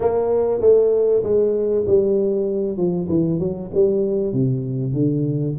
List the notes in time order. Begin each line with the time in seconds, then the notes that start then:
0.00 A#3
0.60 A3
1.23 G#3
1.86 G3
2.77 F3
3.08 E3
3.39 F#3
3.74 G3
4.33 C3
4.93 D3